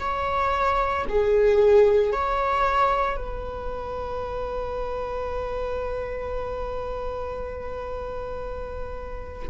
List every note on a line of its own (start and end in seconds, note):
0.00 1.05 C#5
1.09 2.12 G#4
2.12 3.17 C#5
3.17 9.48 B4